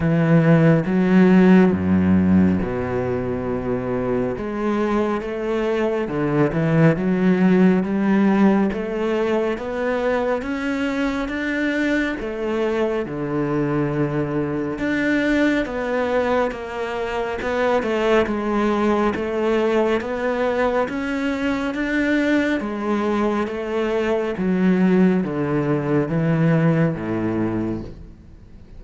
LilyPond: \new Staff \with { instrumentName = "cello" } { \time 4/4 \tempo 4 = 69 e4 fis4 fis,4 b,4~ | b,4 gis4 a4 d8 e8 | fis4 g4 a4 b4 | cis'4 d'4 a4 d4~ |
d4 d'4 b4 ais4 | b8 a8 gis4 a4 b4 | cis'4 d'4 gis4 a4 | fis4 d4 e4 a,4 | }